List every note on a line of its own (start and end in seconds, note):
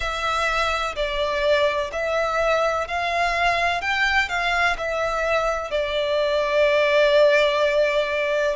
0.00 0.95 E5
0.95 1.90 D5
1.92 2.87 E5
2.87 3.81 F5
3.81 4.29 G5
4.29 4.76 F5
4.77 5.71 E5
5.71 8.56 D5